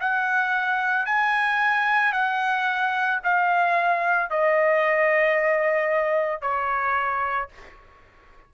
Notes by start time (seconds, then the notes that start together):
0.00 F#5
1.06 G#5
2.12 F#5
3.24 F5
4.31 D#5
6.41 C#5